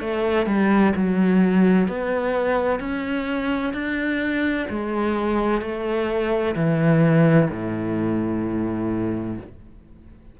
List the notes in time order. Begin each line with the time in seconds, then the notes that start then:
0.00 A3
0.46 G3
0.96 F#3
1.88 B3
2.80 C#4
3.73 D4
4.69 G#3
5.61 A3
6.55 E3
7.50 A2